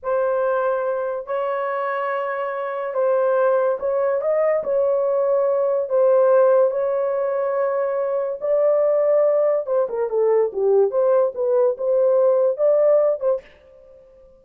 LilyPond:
\new Staff \with { instrumentName = "horn" } { \time 4/4 \tempo 4 = 143 c''2. cis''4~ | cis''2. c''4~ | c''4 cis''4 dis''4 cis''4~ | cis''2 c''2 |
cis''1 | d''2. c''8 ais'8 | a'4 g'4 c''4 b'4 | c''2 d''4. c''8 | }